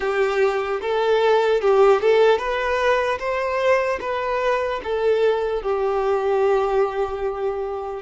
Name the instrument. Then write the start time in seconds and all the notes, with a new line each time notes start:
violin
0.00 G4
0.81 A4
1.61 G4
2.01 A4
2.38 B4
3.19 C5
4.00 B4
4.83 A4
5.62 G4